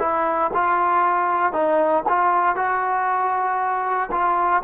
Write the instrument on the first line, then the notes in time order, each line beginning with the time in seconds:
trombone
0.00 E4
0.54 F4
1.53 D#4
2.09 F4
2.56 F#4
4.12 F4